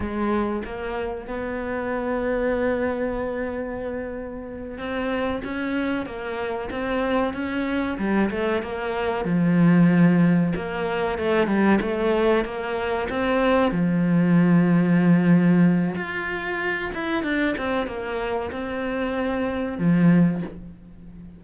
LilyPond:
\new Staff \with { instrumentName = "cello" } { \time 4/4 \tempo 4 = 94 gis4 ais4 b2~ | b2.~ b8 c'8~ | c'8 cis'4 ais4 c'4 cis'8~ | cis'8 g8 a8 ais4 f4.~ |
f8 ais4 a8 g8 a4 ais8~ | ais8 c'4 f2~ f8~ | f4 f'4. e'8 d'8 c'8 | ais4 c'2 f4 | }